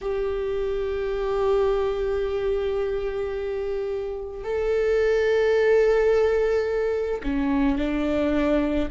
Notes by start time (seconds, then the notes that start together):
0.01 G4
4.43 A4
7.23 C#4
7.78 D4